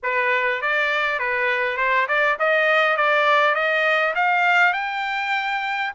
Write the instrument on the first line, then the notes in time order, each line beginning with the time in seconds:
trumpet
0.02 B4
0.61 D5
1.19 B4
1.77 C5
2.08 D5
2.39 D#5
2.96 D5
3.54 D#5
4.15 F5
4.73 G5